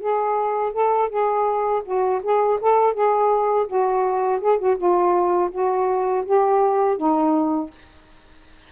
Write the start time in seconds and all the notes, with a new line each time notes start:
0.00 G#4
0.73 A4
1.09 G#4
1.84 F#4
2.23 G#4
2.61 A4
2.93 G#4
3.67 F#4
4.41 G#4
4.58 F#4
4.77 F4
5.51 F#4
6.25 G4
6.97 D#4